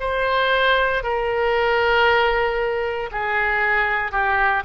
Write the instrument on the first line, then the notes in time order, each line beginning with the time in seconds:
oboe
0.00 C5
1.03 A#4
3.12 G#4
4.11 G4